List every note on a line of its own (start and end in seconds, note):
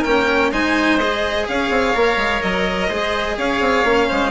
0.00 0.52 C#4
0.00 0.48 A#4
0.00 0.51 G5
0.06 0.52 A#3
0.52 1.47 G#3
0.52 0.99 D#4
0.52 1.47 C5
0.52 0.99 G#5
0.99 1.94 G#4
0.99 1.47 D#5
1.48 1.70 C#4
1.48 2.88 C#5
1.48 2.42 F5
1.70 1.93 C4
1.94 2.17 A#3
1.94 2.90 A#4
2.17 2.40 G#3
2.42 2.89 F#3
2.42 3.37 D#5
2.88 3.37 G#3
2.88 3.85 G#4
2.88 3.36 C5
3.37 3.60 C#4
3.37 4.08 C#5
3.37 4.31 F5
3.60 3.84 C4
3.84 4.08 A#3
3.84 4.31 C#4
4.08 4.31 G#3
4.08 4.31 C5